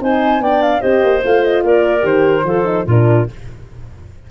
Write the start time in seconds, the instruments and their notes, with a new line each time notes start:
0.00 tuba C4, horn D#4, clarinet C5, flute G#5
0.39 tuba B3, horn D4, clarinet D5, flute G5
0.62 flute F5
0.80 tuba C4, horn G4, clarinet C5, flute D#5
1.03 tuba A#3
1.24 tuba A3, horn F4, flute F5
1.43 flute D#5
1.64 tuba A#3, clarinet A#4, flute D5
2.01 tuba D#3, horn G4, flute C5
2.43 tuba F3, horn F4, clarinet A4
2.64 horn D#4
2.85 tuba A#2, horn D4, clarinet F4, flute A#4